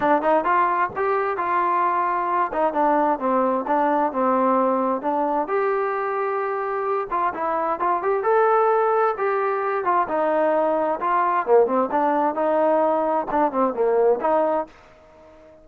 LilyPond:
\new Staff \with { instrumentName = "trombone" } { \time 4/4 \tempo 4 = 131 d'8 dis'8 f'4 g'4 f'4~ | f'4. dis'8 d'4 c'4 | d'4 c'2 d'4 | g'2.~ g'8 f'8 |
e'4 f'8 g'8 a'2 | g'4. f'8 dis'2 | f'4 ais8 c'8 d'4 dis'4~ | dis'4 d'8 c'8 ais4 dis'4 | }